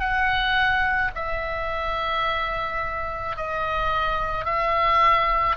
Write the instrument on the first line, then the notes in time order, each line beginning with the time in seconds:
oboe
0.00 F#5
1.15 E5
3.37 D#5
4.45 E5